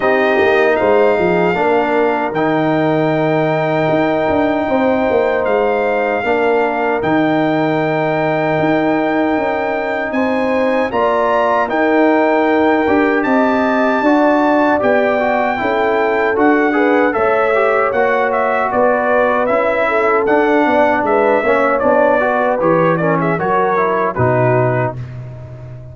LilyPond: <<
  \new Staff \with { instrumentName = "trumpet" } { \time 4/4 \tempo 4 = 77 dis''4 f''2 g''4~ | g''2. f''4~ | f''4 g''2.~ | g''4 gis''4 ais''4 g''4~ |
g''4 a''2 g''4~ | g''4 fis''4 e''4 fis''8 e''8 | d''4 e''4 fis''4 e''4 | d''4 cis''8 d''16 e''16 cis''4 b'4 | }
  \new Staff \with { instrumentName = "horn" } { \time 4/4 g'4 c''8 gis'8 ais'2~ | ais'2 c''2 | ais'1~ | ais'4 c''4 d''4 ais'4~ |
ais'4 dis''4 d''2 | a'4. b'8 cis''2 | b'4. a'4 d''8 b'8 cis''8~ | cis''8 b'4 ais'16 gis'16 ais'4 fis'4 | }
  \new Staff \with { instrumentName = "trombone" } { \time 4/4 dis'2 d'4 dis'4~ | dis'1 | d'4 dis'2.~ | dis'2 f'4 dis'4~ |
dis'8 g'4. fis'4 g'8 fis'8 | e'4 fis'8 gis'8 a'8 g'8 fis'4~ | fis'4 e'4 d'4. cis'8 | d'8 fis'8 g'8 cis'8 fis'8 e'8 dis'4 | }
  \new Staff \with { instrumentName = "tuba" } { \time 4/4 c'8 ais8 gis8 f8 ais4 dis4~ | dis4 dis'8 d'8 c'8 ais8 gis4 | ais4 dis2 dis'4 | cis'4 c'4 ais4 dis'4~ |
dis'8 d'8 c'4 d'4 b4 | cis'4 d'4 a4 ais4 | b4 cis'4 d'8 b8 gis8 ais8 | b4 e4 fis4 b,4 | }
>>